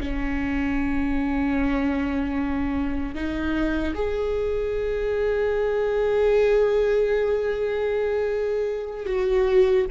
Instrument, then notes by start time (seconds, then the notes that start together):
viola
0.00 C#4
3.15 D#4
3.95 G#4
9.06 F#4